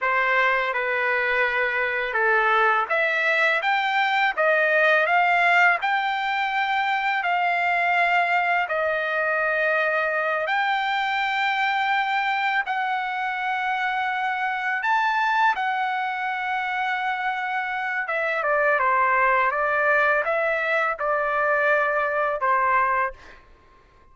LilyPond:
\new Staff \with { instrumentName = "trumpet" } { \time 4/4 \tempo 4 = 83 c''4 b'2 a'4 | e''4 g''4 dis''4 f''4 | g''2 f''2 | dis''2~ dis''8 g''4.~ |
g''4. fis''2~ fis''8~ | fis''8 a''4 fis''2~ fis''8~ | fis''4 e''8 d''8 c''4 d''4 | e''4 d''2 c''4 | }